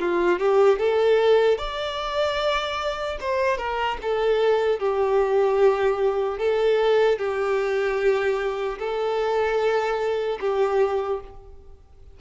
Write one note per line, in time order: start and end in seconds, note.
0.00 0.40 F4
0.40 0.79 G4
0.79 1.59 A4
1.59 3.19 D5
3.21 3.58 C5
3.58 3.98 A#4
4.03 4.80 A4
4.80 6.39 G4
6.39 7.19 A4
7.19 8.79 G4
8.79 10.39 A4
10.41 11.21 G4